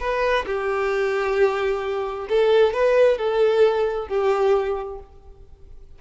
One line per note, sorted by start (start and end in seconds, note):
0.00 0.45 B4
0.46 2.28 G4
2.29 2.74 A4
2.74 3.18 B4
3.18 4.08 A4
4.08 4.99 G4